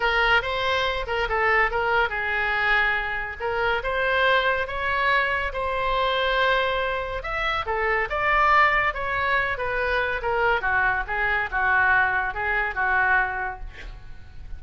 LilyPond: \new Staff \with { instrumentName = "oboe" } { \time 4/4 \tempo 4 = 141 ais'4 c''4. ais'8 a'4 | ais'4 gis'2. | ais'4 c''2 cis''4~ | cis''4 c''2.~ |
c''4 e''4 a'4 d''4~ | d''4 cis''4. b'4. | ais'4 fis'4 gis'4 fis'4~ | fis'4 gis'4 fis'2 | }